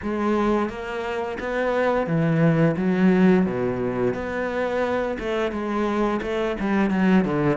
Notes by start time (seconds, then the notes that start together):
0.02 G#3
0.69 A#3
1.39 B3
2.06 E3
2.76 F#3
3.45 B2
4.14 B3
5.19 A3
5.51 G#3
6.22 A3
6.60 G3
6.90 F#3
7.24 D3